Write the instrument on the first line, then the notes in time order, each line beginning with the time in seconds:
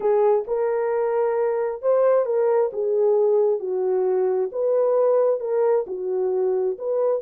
horn
0.00 G#4
0.47 A#4
1.82 C5
2.25 A#4
2.72 G#4
3.59 F#4
4.52 B4
5.40 A#4
5.86 F#4
6.78 B4